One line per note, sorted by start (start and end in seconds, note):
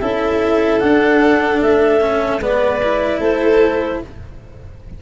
0.00 0.82 C#4
0.00 0.81 E4
0.00 2.41 A4
0.00 0.80 E5
0.80 2.01 D4
0.80 1.62 D4
0.80 1.60 F#5
1.62 2.40 A3
1.62 2.42 E5
2.01 2.41 C#4
2.40 3.20 G#3
2.40 2.82 B3
2.40 3.20 B4
2.40 3.21 D5
2.83 4.03 E4
3.20 4.01 A3
3.20 4.00 A4
3.20 4.01 C5